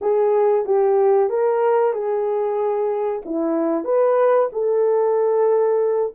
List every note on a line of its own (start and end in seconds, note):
0.01 0.65 G#4
0.65 1.29 G4
1.29 1.93 A#4
1.93 3.22 G#4
3.25 3.84 E4
3.84 4.48 B4
4.52 6.13 A4